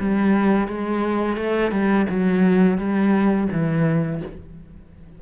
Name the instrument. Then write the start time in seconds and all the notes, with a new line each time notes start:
cello
0.00 G3
0.68 G#3
1.37 A3
1.72 G3
2.10 F#3
2.78 G3
3.52 E3